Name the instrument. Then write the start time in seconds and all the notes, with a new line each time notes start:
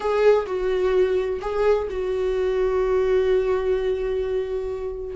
viola
0.00 G#4
0.46 F#4
1.41 G#4
1.89 F#4